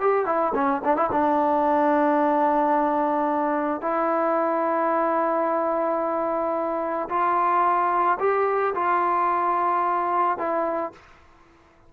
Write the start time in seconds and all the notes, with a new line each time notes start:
0.00 G4
0.25 E4
0.54 C#4
0.84 D4
0.96 E4
1.11 D4
3.81 E4
7.09 F4
8.19 G4
8.74 F4
10.37 E4